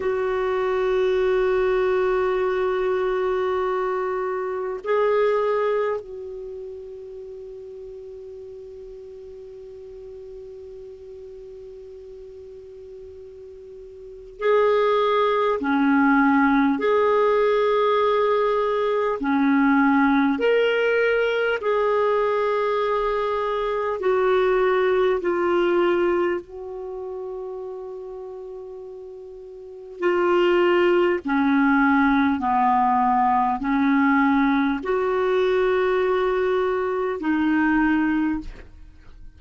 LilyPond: \new Staff \with { instrumentName = "clarinet" } { \time 4/4 \tempo 4 = 50 fis'1 | gis'4 fis'2.~ | fis'1 | gis'4 cis'4 gis'2 |
cis'4 ais'4 gis'2 | fis'4 f'4 fis'2~ | fis'4 f'4 cis'4 b4 | cis'4 fis'2 dis'4 | }